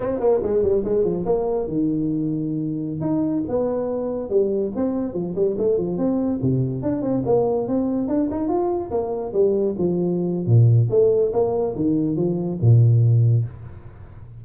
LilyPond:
\new Staff \with { instrumentName = "tuba" } { \time 4/4 \tempo 4 = 143 c'8 ais8 gis8 g8 gis8 f8 ais4 | dis2.~ dis16 dis'8.~ | dis'16 b2 g4 c'8.~ | c'16 f8 g8 a8 f8 c'4 c8.~ |
c16 d'8 c'8 ais4 c'4 d'8 dis'16~ | dis'16 f'4 ais4 g4 f8.~ | f4 ais,4 a4 ais4 | dis4 f4 ais,2 | }